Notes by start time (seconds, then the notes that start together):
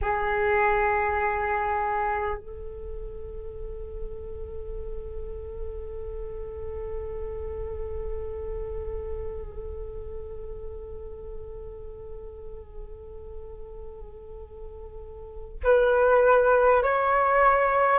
0.01 G#4
2.37 A4
15.63 B4
16.82 C#5